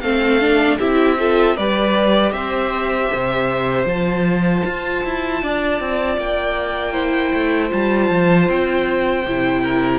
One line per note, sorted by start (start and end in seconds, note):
0.00 0.79 A3
0.00 0.41 C4
0.00 0.79 A4
0.00 0.77 F5
0.41 0.79 D4
0.79 1.58 C4
0.79 1.18 E4
0.79 1.17 G4
0.79 1.56 E5
1.19 1.57 F4
1.19 1.56 A4
1.56 2.31 G3
1.56 3.88 G4
1.56 2.33 B4
1.56 2.32 D5
2.31 3.08 C4
2.31 5.42 C5
2.31 3.86 E5
3.13 3.85 C3
3.85 4.62 F3
3.85 6.93 F4
3.85 6.18 A5
4.65 5.04 F4
5.04 5.42 E4
5.42 5.80 D4
5.42 6.92 D5
5.80 6.17 C4
6.17 7.33 A#3
6.17 7.72 G5
6.92 7.68 E4
6.92 9.62 C5
7.33 7.71 A3
7.68 8.10 G3
7.68 9.22 F4
7.68 8.49 A5
8.10 8.48 F3
8.49 9.25 C4
8.49 9.99 G5
9.25 9.99 C3
9.25 9.99 E4
9.62 9.99 A#4